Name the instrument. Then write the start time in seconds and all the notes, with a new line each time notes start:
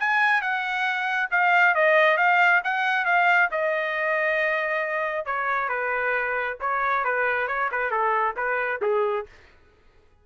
trumpet
0.00 G#5
0.42 F#5
1.31 F5
1.75 D#5
2.18 F5
2.65 F#5
3.06 F5
3.52 D#5
5.26 C#5
5.69 B4
6.61 C#5
7.05 B4
7.48 C#5
7.72 B4
7.91 A4
8.37 B4
8.82 G#4